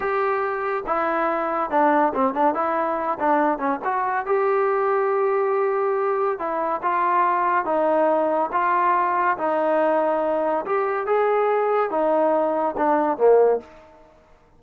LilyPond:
\new Staff \with { instrumentName = "trombone" } { \time 4/4 \tempo 4 = 141 g'2 e'2 | d'4 c'8 d'8 e'4. d'8~ | d'8 cis'8 fis'4 g'2~ | g'2. e'4 |
f'2 dis'2 | f'2 dis'2~ | dis'4 g'4 gis'2 | dis'2 d'4 ais4 | }